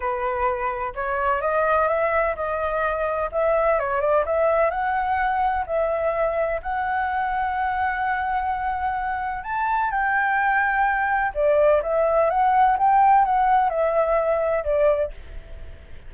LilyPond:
\new Staff \with { instrumentName = "flute" } { \time 4/4 \tempo 4 = 127 b'2 cis''4 dis''4 | e''4 dis''2 e''4 | cis''8 d''8 e''4 fis''2 | e''2 fis''2~ |
fis''1 | a''4 g''2. | d''4 e''4 fis''4 g''4 | fis''4 e''2 d''4 | }